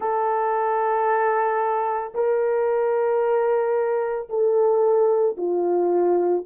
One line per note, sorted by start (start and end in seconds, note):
0.00 2.13 A4
2.14 4.29 A#4
4.29 5.36 A4
5.37 6.44 F4